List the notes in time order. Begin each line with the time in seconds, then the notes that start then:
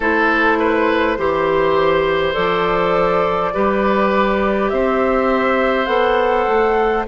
0.00 A3 E4 A4 C5
0.59 B4
1.17 E3 G4 C5
2.33 F3 A4 D5
3.53 G3 G4 B4
4.69 C4 C5 E5
5.86 B3 A4 F#5
6.47 A3